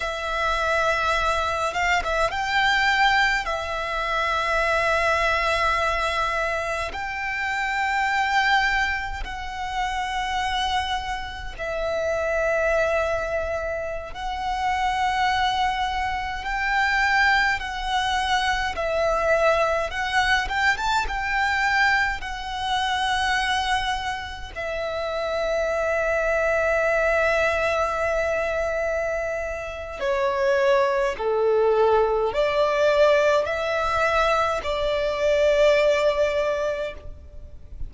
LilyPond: \new Staff \with { instrumentName = "violin" } { \time 4/4 \tempo 4 = 52 e''4. f''16 e''16 g''4 e''4~ | e''2 g''2 | fis''2 e''2~ | e''16 fis''2 g''4 fis''8.~ |
fis''16 e''4 fis''8 g''16 a''16 g''4 fis''8.~ | fis''4~ fis''16 e''2~ e''8.~ | e''2 cis''4 a'4 | d''4 e''4 d''2 | }